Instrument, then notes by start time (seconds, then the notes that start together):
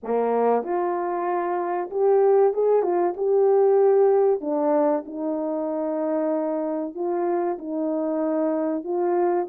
horn
0.03 A#3
0.63 F4
1.90 G4
2.53 G#4
2.82 F4
3.16 G4
4.40 D4
5.05 D#4
6.94 F4
7.58 D#4
8.84 F4